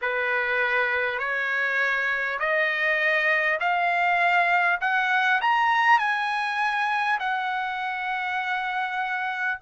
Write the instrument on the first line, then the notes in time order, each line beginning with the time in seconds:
trumpet
0.01 B4
1.18 C#5
2.39 D#5
3.60 F5
4.81 F#5
5.41 A#5
5.98 G#5
7.19 F#5